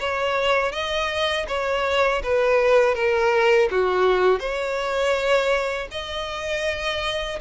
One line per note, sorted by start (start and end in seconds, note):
0.00 0.72 C#5
0.72 1.46 D#5
1.48 2.23 C#5
2.24 2.95 B4
2.95 3.69 A#4
3.71 4.40 F#4
4.40 5.88 C#5
5.92 7.40 D#5